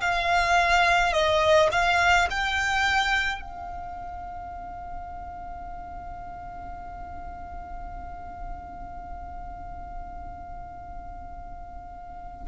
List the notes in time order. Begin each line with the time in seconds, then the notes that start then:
0.00 F5
1.12 D#5
1.71 F5
2.30 G5
3.41 F5